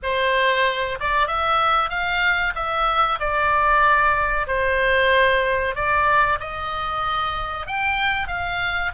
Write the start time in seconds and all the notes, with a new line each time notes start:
0.03 C5
1.00 D5
1.27 E5
1.89 F5
2.55 E5
3.19 D5
4.47 C5
5.74 D5
6.40 D#5
7.66 G5
8.27 F5